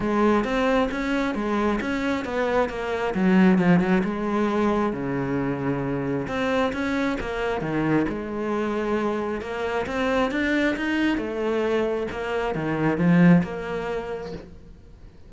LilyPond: \new Staff \with { instrumentName = "cello" } { \time 4/4 \tempo 4 = 134 gis4 c'4 cis'4 gis4 | cis'4 b4 ais4 fis4 | f8 fis8 gis2 cis4~ | cis2 c'4 cis'4 |
ais4 dis4 gis2~ | gis4 ais4 c'4 d'4 | dis'4 a2 ais4 | dis4 f4 ais2 | }